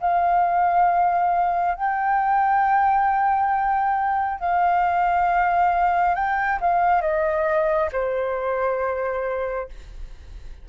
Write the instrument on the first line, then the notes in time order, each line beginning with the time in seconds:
flute
0.00 F5
1.74 G5
4.39 F5
6.14 G5
6.60 F5
7.01 D#5
7.92 C5